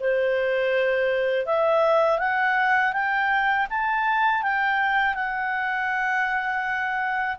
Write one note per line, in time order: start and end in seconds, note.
0.00 1.46 C5
1.46 2.19 E5
2.19 2.93 F#5
2.93 3.66 G5
3.70 4.42 A5
4.42 5.14 G5
5.14 7.36 F#5